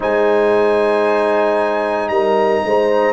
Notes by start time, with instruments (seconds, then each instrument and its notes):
0.00 tuba G#3, trombone D#4, horn C5, trumpet G#5
2.08 tuba G3, horn A#4, trumpet A#5
2.64 tuba G#3, horn C5